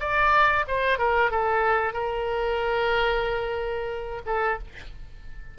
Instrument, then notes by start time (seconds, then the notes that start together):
oboe
0.00 D5
0.68 C5
0.98 A#4
1.31 A4
1.93 A#4
4.26 A4